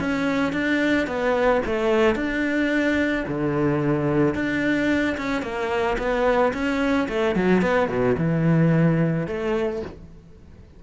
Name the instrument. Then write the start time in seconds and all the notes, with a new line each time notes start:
cello
0.00 C#4
0.53 D4
1.07 B3
1.66 A3
2.16 D4
3.28 D3
4.35 D4
5.17 C#4
5.42 A#3
5.98 B3
6.54 C#4
7.09 A3
7.36 F#3
7.62 B3
7.89 B2
8.18 E3
9.27 A3